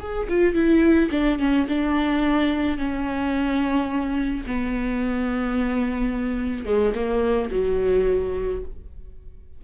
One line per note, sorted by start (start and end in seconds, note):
0.00 0.28 G#4
0.29 0.55 F4
0.55 1.10 E4
1.11 1.39 D4
1.39 1.67 C#4
1.69 2.78 D4
2.78 4.45 C#4
4.47 6.66 B3
6.66 6.93 G#3
6.95 7.50 A#3
7.51 8.62 F#3